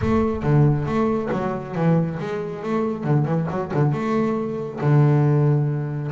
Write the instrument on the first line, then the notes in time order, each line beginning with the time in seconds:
double bass
0.01 A3
0.42 D3
0.86 A3
1.32 F#3
1.75 E3
2.19 G#3
2.62 A3
3.04 D3
3.25 E3
3.50 F#3
3.73 D3
3.92 A3
4.80 D3